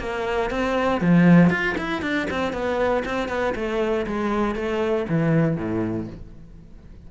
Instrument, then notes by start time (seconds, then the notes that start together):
cello
0.00 A#3
0.51 C4
1.01 F3
1.50 F4
1.78 E4
2.02 D4
2.31 C4
2.53 B3
3.06 C4
3.29 B3
3.55 A3
4.07 G#3
4.56 A3
5.09 E3
5.57 A2